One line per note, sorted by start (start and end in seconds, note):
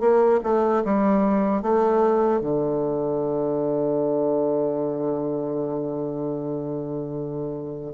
0.00 0.39 A#3
0.43 0.83 A3
0.85 1.62 G3
1.62 2.41 A3
2.41 7.93 D3